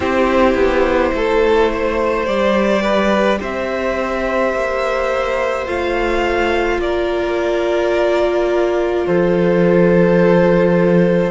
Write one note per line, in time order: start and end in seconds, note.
0.00 0.54 C4
0.00 2.25 E4
0.00 1.11 G4
0.00 2.25 C5
0.54 1.11 B3
1.13 2.27 A3
1.13 1.72 A4
1.73 2.82 C5
2.25 3.40 G3
2.25 5.65 G4
2.25 3.38 D5
2.82 3.38 B4
3.39 4.53 C4
3.39 6.79 C5
3.39 5.67 E5
4.53 5.67 A#3
5.65 6.78 A3
5.65 11.30 F4
5.65 6.80 F5
6.78 9.04 A#3
6.78 9.06 A#4
6.78 9.06 D5
9.06 11.30 F3
9.06 11.30 A4
9.06 11.30 C5